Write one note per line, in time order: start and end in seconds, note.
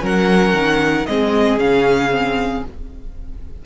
0.00 0.54 F#3
0.00 1.04 C#4
0.00 1.08 A#4
0.00 1.07 F#5
0.54 1.06 D#3
1.07 1.58 G#3
1.07 1.59 C4
1.07 2.66 G#4
1.07 1.59 D#5
1.58 2.63 C#3
1.58 2.11 C#4
1.58 2.64 F5
2.11 2.63 C4